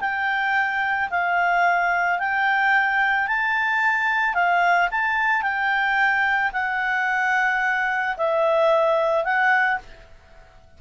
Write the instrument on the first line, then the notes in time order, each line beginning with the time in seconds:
clarinet
0.00 G5
1.10 F5
2.19 G5
3.27 A5
4.34 F5
4.91 A5
5.42 G5
6.52 F#5
8.17 E5
9.24 F#5